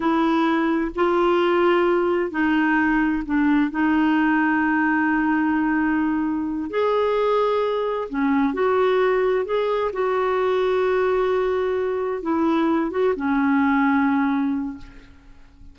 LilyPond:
\new Staff \with { instrumentName = "clarinet" } { \time 4/4 \tempo 4 = 130 e'2 f'2~ | f'4 dis'2 d'4 | dis'1~ | dis'2~ dis'8 gis'4.~ |
gis'4. cis'4 fis'4.~ | fis'8 gis'4 fis'2~ fis'8~ | fis'2~ fis'8 e'4. | fis'8 cis'2.~ cis'8 | }